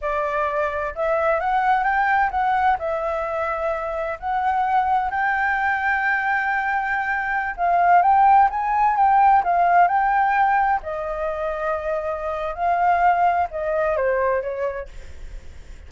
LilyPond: \new Staff \with { instrumentName = "flute" } { \time 4/4 \tempo 4 = 129 d''2 e''4 fis''4 | g''4 fis''4 e''2~ | e''4 fis''2 g''4~ | g''1~ |
g''16 f''4 g''4 gis''4 g''8.~ | g''16 f''4 g''2 dis''8.~ | dis''2. f''4~ | f''4 dis''4 c''4 cis''4 | }